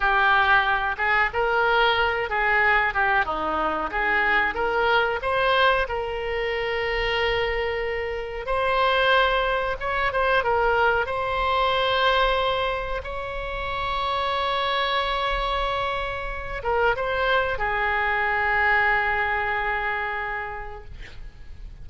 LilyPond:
\new Staff \with { instrumentName = "oboe" } { \time 4/4 \tempo 4 = 92 g'4. gis'8 ais'4. gis'8~ | gis'8 g'8 dis'4 gis'4 ais'4 | c''4 ais'2.~ | ais'4 c''2 cis''8 c''8 |
ais'4 c''2. | cis''1~ | cis''4. ais'8 c''4 gis'4~ | gis'1 | }